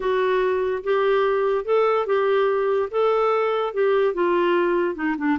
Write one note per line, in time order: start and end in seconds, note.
0.00 0.83 F#4
0.83 1.65 G4
1.65 2.06 A4
2.06 2.89 G4
2.90 3.73 A4
3.73 4.14 G4
4.14 4.95 F4
4.95 5.16 D#4
5.17 5.38 D4